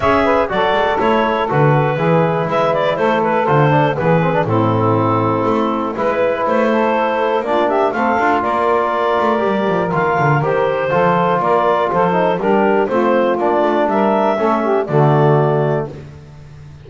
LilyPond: <<
  \new Staff \with { instrumentName = "clarinet" } { \time 4/4 \tempo 4 = 121 e''4 d''4 cis''4 b'4~ | b'4 e''8 d''8 c''8 b'8 c''4 | b'4 a'2. | b'4 c''2 d''8 e''8 |
f''4 d''2. | f''4 c''2 d''4 | c''4 ais'4 c''4 d''4 | e''2 d''2 | }
  \new Staff \with { instrumentName = "saxophone" } { \time 4/4 cis''8 b'8 a'2. | gis'4 b'4 a'2 | gis'4 e'2. | b'4. a'4. f'8 g'8 |
a'4 ais'2.~ | ais'2 a'4 ais'4 | a'4 g'4 f'2 | ais'4 a'8 g'8 fis'2 | }
  \new Staff \with { instrumentName = "trombone" } { \time 4/4 gis'4 fis'4 e'4 fis'4 | e'2. f'8 d'8 | b8 c'16 d'16 c'2. | e'2. d'4 |
c'8 f'2~ f'8 g'4 | f'4 g'4 f'2~ | f'8 dis'8 d'4 c'4 d'4~ | d'4 cis'4 a2 | }
  \new Staff \with { instrumentName = "double bass" } { \time 4/4 cis'4 fis8 gis8 a4 d4 | e4 gis4 a4 d4 | e4 a,2 a4 | gis4 a2 ais4 |
a8 d'8 ais4. a8 g8 f8 | dis8 d8 dis4 f4 ais4 | f4 g4 a4 ais8 a8 | g4 a4 d2 | }
>>